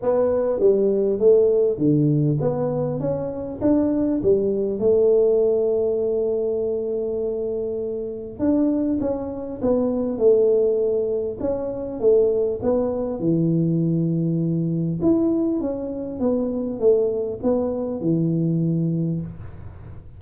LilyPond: \new Staff \with { instrumentName = "tuba" } { \time 4/4 \tempo 4 = 100 b4 g4 a4 d4 | b4 cis'4 d'4 g4 | a1~ | a2 d'4 cis'4 |
b4 a2 cis'4 | a4 b4 e2~ | e4 e'4 cis'4 b4 | a4 b4 e2 | }